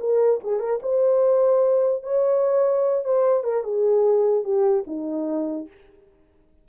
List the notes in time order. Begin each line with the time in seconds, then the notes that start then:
0.00 A#4
0.43 G#4
0.60 A#4
0.82 C5
2.03 C#5
3.04 C5
3.43 A#4
3.63 G#4
4.44 G4
4.86 D#4